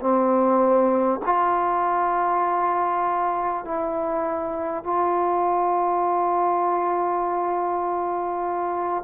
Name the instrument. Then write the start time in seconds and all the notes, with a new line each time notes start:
trombone
0.00 C4
1.25 F4
3.64 E4
4.84 F4